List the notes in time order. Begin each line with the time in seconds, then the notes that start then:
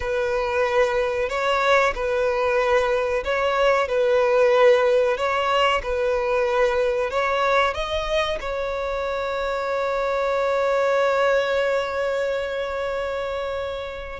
0.00 B4
1.29 C#5
1.94 B4
3.24 C#5
3.88 B4
5.17 C#5
5.82 B4
7.10 C#5
7.74 D#5
8.40 C#5